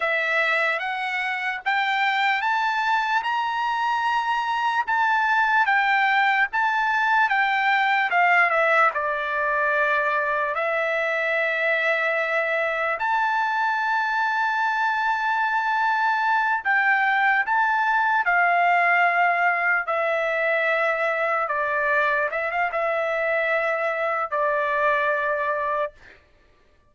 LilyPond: \new Staff \with { instrumentName = "trumpet" } { \time 4/4 \tempo 4 = 74 e''4 fis''4 g''4 a''4 | ais''2 a''4 g''4 | a''4 g''4 f''8 e''8 d''4~ | d''4 e''2. |
a''1~ | a''8 g''4 a''4 f''4.~ | f''8 e''2 d''4 e''16 f''16 | e''2 d''2 | }